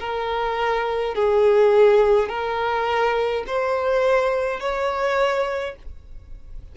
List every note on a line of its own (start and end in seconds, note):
0.00 1.15 A#4
1.15 2.29 G#4
2.29 3.44 A#4
3.47 4.60 C5
4.60 5.76 C#5